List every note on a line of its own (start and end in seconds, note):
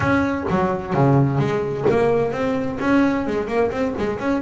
0.00 0.44 C#4
0.49 0.93 F#3
0.93 1.38 C#3
1.38 1.85 G#3
1.90 2.32 A#3
2.32 2.78 C4
2.80 3.26 C#4
3.26 3.47 G#3
3.47 3.70 A#3
3.71 3.94 C4
3.98 4.19 G#3
4.19 4.41 C#4